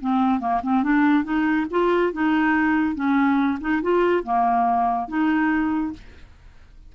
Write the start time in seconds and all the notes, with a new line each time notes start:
0.00 C4
0.40 A#3
0.63 C4
0.83 D4
1.24 D#4
1.70 F4
2.12 D#4
2.95 C#4
3.61 D#4
3.82 F4
4.23 A#3
5.08 D#4